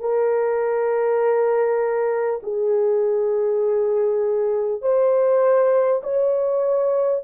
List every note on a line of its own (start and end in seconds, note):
0.00 2.40 A#4
2.43 4.82 G#4
4.82 6.02 C5
6.03 7.23 C#5